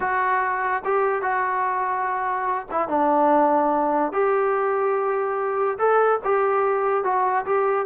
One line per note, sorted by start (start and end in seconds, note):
0.00 0.83 F#4
0.84 1.22 G4
1.22 2.67 F#4
2.71 2.88 E4
2.88 4.12 D4
4.12 5.77 G4
5.78 6.19 A4
6.24 7.04 G4
7.04 7.45 F#4
7.45 7.85 G4